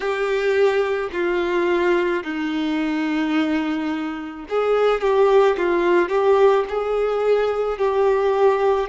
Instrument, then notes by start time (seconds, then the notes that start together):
violin
0.00 G4
1.12 F4
2.23 D#4
4.48 G#4
5.01 G4
5.57 F4
6.08 G4
6.69 G#4
7.78 G4